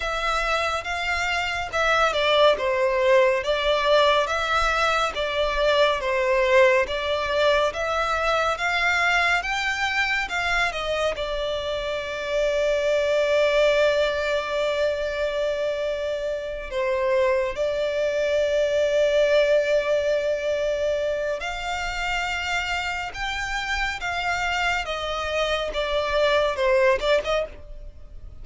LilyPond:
\new Staff \with { instrumentName = "violin" } { \time 4/4 \tempo 4 = 70 e''4 f''4 e''8 d''8 c''4 | d''4 e''4 d''4 c''4 | d''4 e''4 f''4 g''4 | f''8 dis''8 d''2.~ |
d''2.~ d''8 c''8~ | c''8 d''2.~ d''8~ | d''4 f''2 g''4 | f''4 dis''4 d''4 c''8 d''16 dis''16 | }